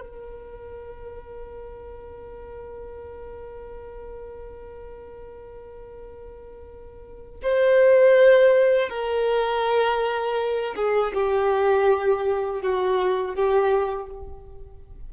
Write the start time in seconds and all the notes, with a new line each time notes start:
0.00 A#4
7.42 C5
8.90 A#4
10.76 G#4
11.13 G4
12.62 F#4
13.35 G4